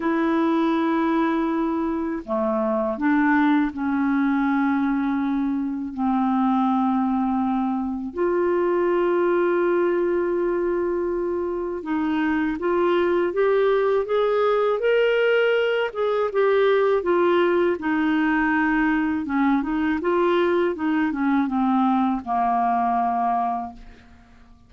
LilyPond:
\new Staff \with { instrumentName = "clarinet" } { \time 4/4 \tempo 4 = 81 e'2. a4 | d'4 cis'2. | c'2. f'4~ | f'1 |
dis'4 f'4 g'4 gis'4 | ais'4. gis'8 g'4 f'4 | dis'2 cis'8 dis'8 f'4 | dis'8 cis'8 c'4 ais2 | }